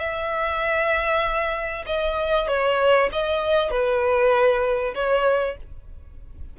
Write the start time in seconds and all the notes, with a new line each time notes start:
0.00 E5
1.87 D#5
2.49 C#5
3.12 D#5
3.71 B4
4.95 C#5